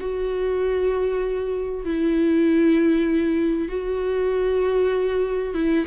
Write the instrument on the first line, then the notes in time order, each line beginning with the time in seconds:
viola
0.00 F#4
1.85 E4
3.68 F#4
5.54 E4